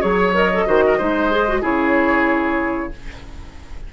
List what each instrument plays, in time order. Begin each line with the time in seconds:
0.00 bassoon F#3, clarinet G#4, oboe C#5, flute C#5
0.34 clarinet A#4, flute D#5
0.53 clarinet A4
0.66 bassoon D#3, clarinet F#4, oboe C5
0.86 oboe A#4
0.97 bassoon G#3, clarinet D#4, oboe C5
1.31 clarinet G#4
1.48 clarinet F#4
1.61 bassoon C#3, clarinet E4, oboe G#4, flute C#5